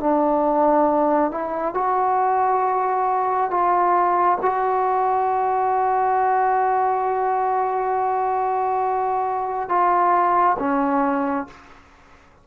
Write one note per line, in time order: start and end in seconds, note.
0.00 1.31 D4
1.31 1.74 E4
1.74 3.50 F#4
3.50 4.38 F4
4.42 9.69 F#4
9.69 10.57 F4
10.59 11.47 C#4